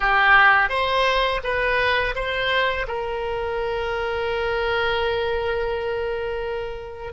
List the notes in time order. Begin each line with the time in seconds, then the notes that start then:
0.00 G4
0.69 C5
1.43 B4
2.15 C5
2.87 A#4